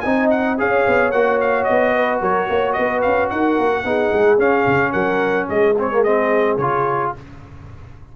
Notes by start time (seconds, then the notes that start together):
0.00 C4 D#4 D#5 G#5
0.30 F#5
0.57 C#4 G#4 C#5 F5
0.87 B3
1.11 A#3 F#4 F#5
1.40 F5
1.64 B3 D#5
1.95 B4
2.21 F#3 A#4 C#5
2.49 A#3 C#5
2.72 B3 B4 D#5
3.02 C#4 F5
3.30 D#4 A#4 F#5
3.59 A#3
3.84 B3 D#4 G#4
4.12 G#3
4.38 C#4 F5
4.66 C#3
4.92 F#3 A#4 F#5
5.49 G#3 G#4 D#5
5.78 C4 C#5
5.91 A#3
6.03 C4 D#5
6.57 C#3 F4 C#5